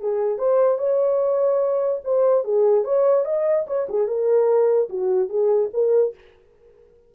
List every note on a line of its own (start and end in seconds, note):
0.00 0.38 G#4
0.38 0.78 C5
0.78 2.00 C#5
2.04 2.44 C5
2.44 2.84 G#4
2.84 3.24 C#5
3.24 3.65 D#5
3.67 3.87 C#5
3.89 4.07 G#4
4.07 4.89 A#4
4.89 5.29 F#4
5.29 5.69 G#4
5.73 6.14 A#4